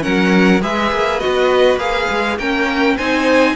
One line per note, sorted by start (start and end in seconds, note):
0.00 0.62 F#3
0.00 0.59 C#4
0.00 0.61 A#4
0.00 0.61 F#5
0.61 0.92 G#3
0.61 1.20 G#4
0.61 2.38 B4
0.61 1.19 E5
0.92 1.21 A#3
1.19 1.79 F#4
1.19 1.78 D#5
1.25 1.76 B3
1.76 2.06 A#3
1.76 2.37 G#4
1.76 2.38 F5
2.10 2.38 G#3
2.38 2.97 A#3
2.38 2.98 C#4
2.38 2.96 A#4
2.38 2.97 G5
2.96 3.55 C4
2.96 3.55 D#4
2.96 3.55 C5
2.96 3.55 G#5